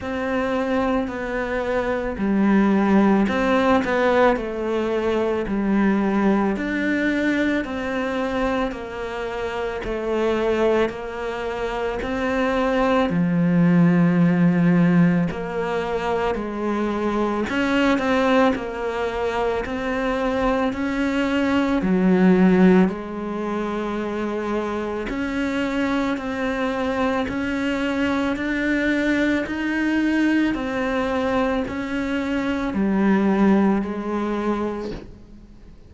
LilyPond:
\new Staff \with { instrumentName = "cello" } { \time 4/4 \tempo 4 = 55 c'4 b4 g4 c'8 b8 | a4 g4 d'4 c'4 | ais4 a4 ais4 c'4 | f2 ais4 gis4 |
cis'8 c'8 ais4 c'4 cis'4 | fis4 gis2 cis'4 | c'4 cis'4 d'4 dis'4 | c'4 cis'4 g4 gis4 | }